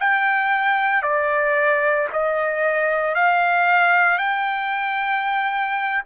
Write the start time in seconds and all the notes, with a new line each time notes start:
0.00 G5
1.02 D5
2.12 D#5
3.14 F5
4.18 G5